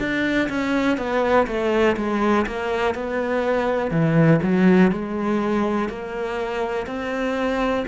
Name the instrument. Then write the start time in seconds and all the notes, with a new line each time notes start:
cello
0.00 D4
0.49 C#4
0.98 B3
1.47 A3
1.97 G#3
2.47 A#3
2.95 B3
3.91 E3
4.43 F#3
4.92 G#3
5.89 A#3
6.87 C4